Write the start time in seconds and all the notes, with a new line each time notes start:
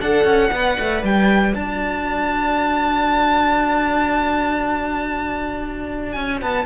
0.00 D4 A4 D5 F#5
0.24 C#4
0.51 B3 B4
0.79 A3
1.03 G3 G5
1.54 D4 F#4 A5
6.12 C#4 G#5
6.41 B3 A5